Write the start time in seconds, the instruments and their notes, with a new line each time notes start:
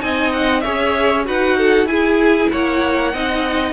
0.00 cello C4, viola D#4, violin D#5 G#5
0.33 violin F#5
0.61 cello C#4, viola G#4, violin C#5 E5
1.24 cello D#4, viola F#4, violin B4 F#5
1.57 violin A4
1.85 cello E4, viola E4, violin G#4 G#5
2.52 cello A#3, violin C#5 F#5
3.13 cello C4, viola D#4, violin D#5